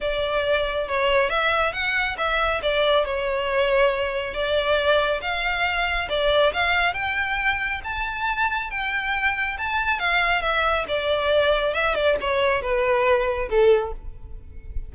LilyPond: \new Staff \with { instrumentName = "violin" } { \time 4/4 \tempo 4 = 138 d''2 cis''4 e''4 | fis''4 e''4 d''4 cis''4~ | cis''2 d''2 | f''2 d''4 f''4 |
g''2 a''2 | g''2 a''4 f''4 | e''4 d''2 e''8 d''8 | cis''4 b'2 a'4 | }